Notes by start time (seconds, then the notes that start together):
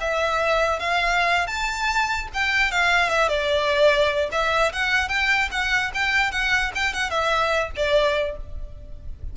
0.00 E5
0.79 F5
1.47 A5
2.34 G5
2.71 F5
3.10 E5
3.29 D5
4.32 E5
4.73 F#5
5.09 G5
5.51 F#5
5.94 G5
6.31 F#5
6.75 G5
6.93 F#5
7.10 E5
7.76 D5